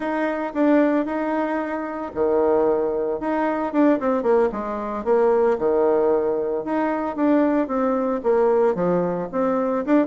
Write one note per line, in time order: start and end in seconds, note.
0.00 0.52 D#4
0.54 1.05 D4
1.05 2.11 D#4
2.14 3.20 D#3
3.20 3.72 D#4
3.72 3.99 D4
3.99 4.22 C4
4.22 4.49 A#3
4.52 5.04 G#3
5.04 5.57 A#3
5.58 6.64 D#3
6.64 7.16 D#4
7.16 7.67 D4
7.67 8.20 C4
8.23 8.74 A#3
8.74 9.28 F3
9.32 9.85 C4
9.85 10.06 D4